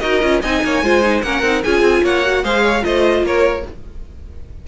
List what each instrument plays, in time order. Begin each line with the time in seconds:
0.00 cello D#4, viola F#4, violin A#4 D#5
0.22 cello C#4, viola F4
0.42 cello C4, viola D#4, violin D#5 G#5
0.64 cello A#3, violin C#5
0.83 cello G#3, viola F4, violin C5
1.03 viola D#4
1.22 cello A#3, viola C#4, violin A#4 F#5
1.43 cello C4, viola D#4
1.64 cello C#4, viola F4, violin G#4 G#5
1.82 cello C4
2.03 cello A#3, violin C#5 F#5
2.25 viola F#4
2.43 cello G#3, viola G#4, violin C5 F5
2.63 violin C#5
2.81 cello A3, viola F4, violin C5 D#5
3.23 cello A#3, violin A#4 C#5